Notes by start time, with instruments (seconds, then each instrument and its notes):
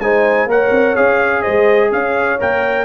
0.00 tuba G#3, trombone D#4, horn C5, trumpet G#5
0.46 tuba A#3, trombone A#4, horn C#5, trumpet F#5
0.71 tuba C4
0.96 tuba C#4, trombone G#4, trumpet F5
1.42 tuba G#3, horn C5, trumpet D#5
1.92 tuba C#4, horn C#5, trumpet F5
2.40 tuba A#3, trombone A#4, trumpet G5